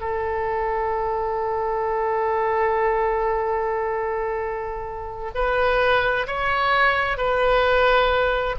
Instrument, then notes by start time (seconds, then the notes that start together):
oboe
0.00 A4
5.34 B4
6.27 C#5
7.17 B4